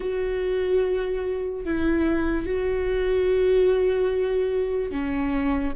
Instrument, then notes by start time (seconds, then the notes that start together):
viola
0.00 F#4
1.64 E4
2.46 F#4
4.91 C#4